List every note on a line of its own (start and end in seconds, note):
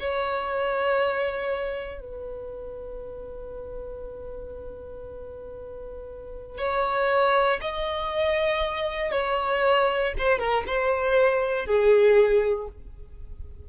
0.00 2.01 C#5
2.01 6.58 B4
6.58 7.60 C#5
7.61 9.12 D#5
9.12 10.13 C#5
10.18 10.39 C5
10.39 10.65 A#4
10.67 11.66 C5
11.66 12.68 G#4